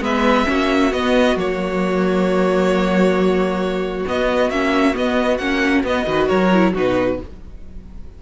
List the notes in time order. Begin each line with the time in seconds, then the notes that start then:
0.00 G#3 B3 B4 E5
0.45 A#3 C#4 F#4
0.92 B3 D#5
1.35 F#3 A#3 C#5
4.06 B3 D#5
4.50 A#3 C#4 E5
4.93 B3 D#5
5.37 A#3 C#4 F#5
5.83 B3 D#5
6.05 D#3 F#4 B4
6.28 F#3 A#4 C#5
6.53 E4
6.73 B2 D#4 F#4 B4